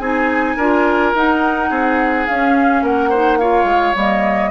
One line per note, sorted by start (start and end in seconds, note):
0.00 0.57 C4
0.00 0.58 D#4
0.00 0.57 G#4
0.00 1.13 G#5
0.57 1.14 D4
0.57 1.15 F4
0.57 1.70 A#4
1.14 1.71 D#4
1.14 2.28 D#4
1.14 2.27 F#5
1.70 2.27 C4
1.70 2.83 G#4
2.27 2.82 C#4
2.27 3.13 C#4
2.27 2.83 F5
2.82 3.65 A#3
2.82 3.10 A#4
2.82 3.38 F#5
3.10 3.41 D#4
3.10 3.38 C5
3.38 3.95 F4
3.38 4.51 C#5
3.38 3.95 F5
3.65 3.93 G#3
3.95 4.51 G3
3.95 4.51 A#3
3.95 4.51 D#5